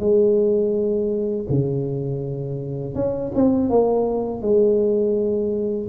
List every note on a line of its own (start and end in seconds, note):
0.00 1.46 G#3
1.50 2.95 C#3
2.95 3.32 C#4
3.35 3.70 C4
3.70 4.42 A#3
4.42 5.88 G#3